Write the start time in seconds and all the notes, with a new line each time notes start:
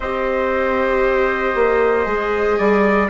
0.00 C4 G4 C5 D#5
1.55 A#3
2.05 G#3 G#4
2.58 G3 D5